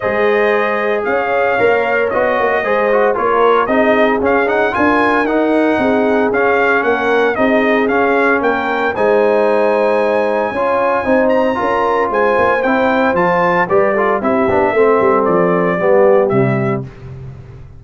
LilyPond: <<
  \new Staff \with { instrumentName = "trumpet" } { \time 4/4 \tempo 4 = 114 dis''2 f''2 | dis''2 cis''4 dis''4 | f''8 fis''8 gis''4 fis''2 | f''4 fis''4 dis''4 f''4 |
g''4 gis''2.~ | gis''4. ais''4. gis''4 | g''4 a''4 d''4 e''4~ | e''4 d''2 e''4 | }
  \new Staff \with { instrumentName = "horn" } { \time 4/4 c''2 cis''2~ | cis''4 c''4 ais'4 gis'4~ | gis'4 ais'2 gis'4~ | gis'4 ais'4 gis'2 |
ais'4 c''2. | cis''4 c''4 ais'4 c''4~ | c''2 b'8 a'8 g'4 | a'2 g'2 | }
  \new Staff \with { instrumentName = "trombone" } { \time 4/4 gis'2. ais'4 | fis'4 gis'8 fis'8 f'4 dis'4 | cis'8 dis'8 f'4 dis'2 | cis'2 dis'4 cis'4~ |
cis'4 dis'2. | f'4 dis'4 f'2 | e'4 f'4 g'8 f'8 e'8 d'8 | c'2 b4 g4 | }
  \new Staff \with { instrumentName = "tuba" } { \time 4/4 gis2 cis'4 ais4 | b8 ais8 gis4 ais4 c'4 | cis'4 d'4 dis'4 c'4 | cis'4 ais4 c'4 cis'4 |
ais4 gis2. | cis'4 c'4 cis'4 gis8 ais8 | c'4 f4 g4 c'8 b8 | a8 g8 f4 g4 c4 | }
>>